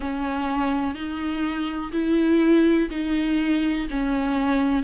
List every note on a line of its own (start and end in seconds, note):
0.00 0.95 C#4
0.95 1.91 D#4
1.92 2.89 E4
2.90 3.87 D#4
3.90 4.83 C#4